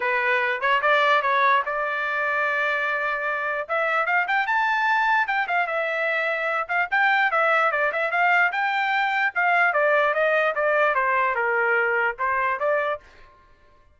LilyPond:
\new Staff \with { instrumentName = "trumpet" } { \time 4/4 \tempo 4 = 148 b'4. cis''8 d''4 cis''4 | d''1~ | d''4 e''4 f''8 g''8 a''4~ | a''4 g''8 f''8 e''2~ |
e''8 f''8 g''4 e''4 d''8 e''8 | f''4 g''2 f''4 | d''4 dis''4 d''4 c''4 | ais'2 c''4 d''4 | }